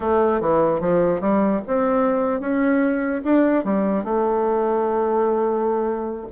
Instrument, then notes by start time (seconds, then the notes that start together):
bassoon
0.00 A3
0.40 E3
0.80 F3
1.20 G3
1.67 C4
2.40 C#4
3.24 D4
3.64 G3
4.03 A3